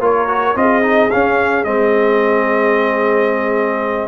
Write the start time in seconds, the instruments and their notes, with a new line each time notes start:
0.00 tuba A#3, trombone F4, horn A#4, trumpet C#5
0.28 trombone F#4
0.56 tuba C4, trombone F4, horn G#4, trumpet D#5
0.83 trombone D#4
1.11 trombone C#4, tuba C#4, trumpet F5
1.64 tuba G#3, trombone C4, trumpet D#5